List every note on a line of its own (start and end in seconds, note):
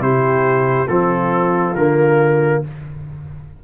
0.00 0.87 C3
0.00 0.88 E4
0.00 0.89 G4
0.00 0.88 C5
0.88 1.75 F3
0.88 1.76 C4
0.88 2.63 F4
0.88 1.75 A4
1.75 2.62 D3
1.75 2.64 A#3
1.75 2.62 A#4